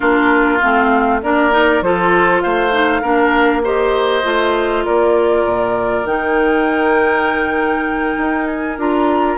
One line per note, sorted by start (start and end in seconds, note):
0.00 0.61 A#3
0.00 0.60 D4
0.00 1.20 F4
0.00 0.59 A#4
0.60 1.22 A3
0.60 1.22 C4
0.60 1.21 F5
1.22 1.81 A#3
1.22 1.51 D4
1.22 1.84 A#4
1.22 1.82 D5
1.51 1.81 D#4
1.81 2.41 F3
1.81 2.71 F4
1.81 2.43 A4
1.81 2.41 C5
2.41 3.02 A3
2.41 3.01 C5
2.41 3.62 F5
2.71 3.01 D#4
3.01 4.23 A#3
3.01 3.63 D4
3.01 3.62 A#4
3.63 4.23 G4
3.63 4.84 C5
3.63 4.85 D#5
4.23 4.85 A3
4.23 6.05 F4
4.84 5.45 A#3
4.84 9.37 A#4
4.84 6.06 D5
5.45 6.04 A#2
6.04 8.16 D#3
6.04 8.78 D#4
6.04 8.47 G5
8.17 8.78 D#4
8.47 8.77 G#5
8.78 9.37 D4
8.78 9.37 F4
8.78 9.37 A#5